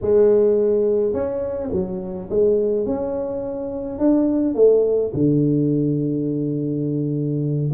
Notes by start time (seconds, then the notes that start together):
0.01 G#3
1.13 C#4
1.72 F#3
2.29 G#3
2.85 C#4
3.98 D4
4.54 A3
5.14 D3